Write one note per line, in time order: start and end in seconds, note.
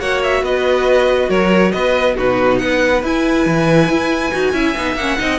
0.00 0.42 A#3
0.00 2.16 F#4
0.00 0.43 C#5
0.00 0.22 F#5
0.23 0.45 E5
0.42 1.29 B3
0.42 1.29 B4
0.42 1.30 D#5
1.29 1.73 F#3
1.29 1.72 A#4
1.29 1.72 C#5
1.72 2.18 B3
1.72 2.16 B4
1.72 2.15 D#5
2.16 2.63 B2
2.16 3.02 D#4
2.16 2.59 F#4
2.16 2.59 B4
2.59 3.03 B3
2.59 4.54 B4
2.59 3.02 F#5
3.03 3.46 E4
3.03 4.33 E4
3.03 4.97 G#5
3.46 3.90 E3
3.90 4.33 E4
4.33 4.53 D#4
4.33 4.54 F#4
4.53 4.75 C#4
4.53 4.76 E4
4.53 5.19 E5
4.77 4.96 B3
4.77 4.98 D#4
4.96 5.17 A#3
4.96 5.19 C#4
4.96 5.39 F#5
5.19 5.39 C4
5.19 5.39 D#4
5.19 5.39 D#5